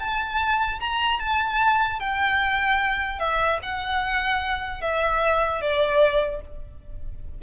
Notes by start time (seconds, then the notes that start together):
0.00 A5
0.81 A#5
1.20 A5
2.00 G5
3.19 E5
3.63 F#5
4.82 E5
5.61 D5